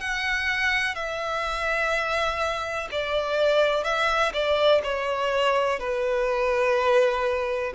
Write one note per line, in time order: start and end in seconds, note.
0.00 0.95 F#5
0.95 2.88 E5
2.91 3.84 D5
3.84 4.32 E5
4.33 4.81 D5
4.83 5.79 C#5
5.79 7.73 B4